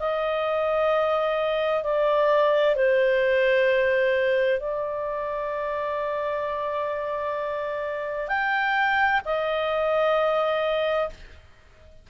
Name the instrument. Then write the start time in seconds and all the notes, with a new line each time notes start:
clarinet
0.00 D#5
1.84 D5
2.76 C5
4.60 D5
8.29 G5
9.25 D#5